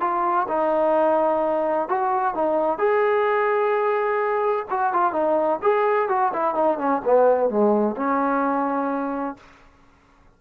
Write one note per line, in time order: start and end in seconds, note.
0.00 0.47 F4
0.48 1.88 D#4
1.88 2.35 F#4
2.35 2.78 D#4
2.78 4.66 G#4
4.70 4.93 F#4
4.93 5.12 F4
5.12 5.59 D#4
5.62 6.09 G#4
6.09 6.32 F#4
6.33 6.55 E4
6.55 6.78 D#4
6.78 7.02 C#4
7.04 7.50 B3
7.50 7.96 G#3
7.96 9.36 C#4